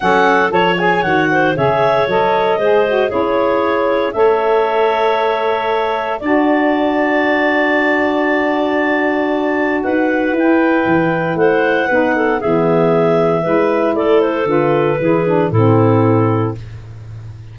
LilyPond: <<
  \new Staff \with { instrumentName = "clarinet" } { \time 4/4 \tempo 4 = 116 fis''4 cis''8 gis''8 fis''4 e''4 | dis''2 cis''2 | e''1 | a''1~ |
a''2. fis''4 | g''2 fis''2 | e''2. d''8 c''8 | b'2 a'2 | }
  \new Staff \with { instrumentName = "clarinet" } { \time 4/4 a'4 cis''4. c''8 cis''4~ | cis''4 c''4 gis'2 | cis''1 | d''1~ |
d''2. b'4~ | b'2 c''4 b'8 a'8 | gis'2 b'4 a'4~ | a'4 gis'4 e'2 | }
  \new Staff \with { instrumentName = "saxophone" } { \time 4/4 cis'4 a'8 gis'8 fis'4 gis'4 | a'4 gis'8 fis'8 e'2 | a'1 | fis'1~ |
fis'1 | e'2. dis'4 | b2 e'2 | f'4 e'8 d'8 c'2 | }
  \new Staff \with { instrumentName = "tuba" } { \time 4/4 fis4 f4 dis4 cis4 | fis4 gis4 cis'2 | a1 | d'1~ |
d'2. dis'4 | e'4 e4 a4 b4 | e2 gis4 a4 | d4 e4 a,2 | }
>>